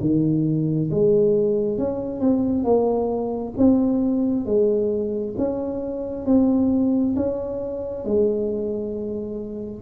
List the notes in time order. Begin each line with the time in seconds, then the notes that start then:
0.00 D#3
0.90 G#3
1.78 C#4
2.20 C4
2.64 A#3
3.57 C4
4.45 G#3
5.37 C#4
6.25 C4
7.16 C#4
8.04 G#3